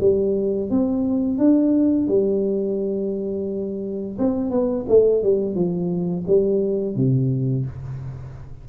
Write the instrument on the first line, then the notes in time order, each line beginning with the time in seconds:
tuba
0.00 G3
0.70 C4
1.38 D4
2.07 G3
4.18 C4
4.50 B3
4.88 A3
5.23 G3
5.54 F3
6.27 G3
6.95 C3